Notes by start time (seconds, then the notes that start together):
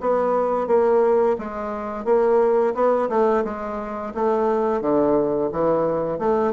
0.00 B3
0.67 A#3
1.38 G#3
2.04 A#3
2.74 B3
3.09 A3
3.44 G#3
4.14 A3
4.81 D3
5.51 E3
6.18 A3